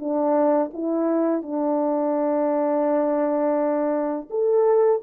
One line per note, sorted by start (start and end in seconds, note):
0.00 0.71 D4
0.74 1.43 E4
1.43 4.29 D4
4.31 5.02 A4